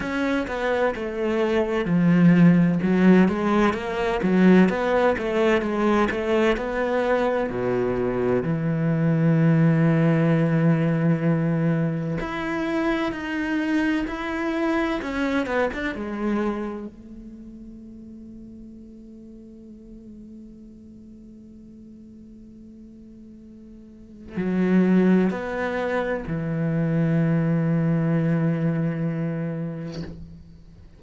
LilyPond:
\new Staff \with { instrumentName = "cello" } { \time 4/4 \tempo 4 = 64 cis'8 b8 a4 f4 fis8 gis8 | ais8 fis8 b8 a8 gis8 a8 b4 | b,4 e2.~ | e4 e'4 dis'4 e'4 |
cis'8 b16 d'16 gis4 a2~ | a1~ | a2 fis4 b4 | e1 | }